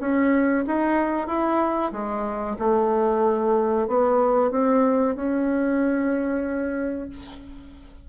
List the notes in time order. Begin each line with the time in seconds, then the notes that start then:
0.00 C#4
0.67 D#4
1.27 E4
1.92 G#3
2.59 A3
3.88 B3
4.51 C4
5.16 C#4